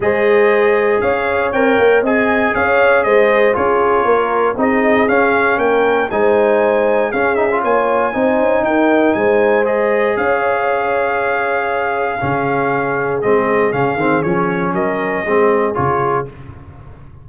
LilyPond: <<
  \new Staff \with { instrumentName = "trumpet" } { \time 4/4 \tempo 4 = 118 dis''2 f''4 g''4 | gis''4 f''4 dis''4 cis''4~ | cis''4 dis''4 f''4 g''4 | gis''2 f''8 e''8 gis''4~ |
gis''4 g''4 gis''4 dis''4 | f''1~ | f''2 dis''4 f''4 | cis''4 dis''2 cis''4 | }
  \new Staff \with { instrumentName = "horn" } { \time 4/4 c''2 cis''2 | dis''4 cis''4 c''4 gis'4 | ais'4 gis'2 ais'4 | c''2 gis'4 cis''4 |
c''4 ais'4 c''2 | cis''1 | gis'1~ | gis'4 ais'4 gis'2 | }
  \new Staff \with { instrumentName = "trombone" } { \time 4/4 gis'2. ais'4 | gis'2. f'4~ | f'4 dis'4 cis'2 | dis'2 cis'8 dis'16 f'4~ f'16 |
dis'2. gis'4~ | gis'1 | cis'2 c'4 cis'8 c'8 | cis'2 c'4 f'4 | }
  \new Staff \with { instrumentName = "tuba" } { \time 4/4 gis2 cis'4 c'8 ais8 | c'4 cis'4 gis4 cis'4 | ais4 c'4 cis'4 ais4 | gis2 cis'4 ais4 |
c'8 cis'8 dis'4 gis2 | cis'1 | cis2 gis4 cis8 dis8 | f4 fis4 gis4 cis4 | }
>>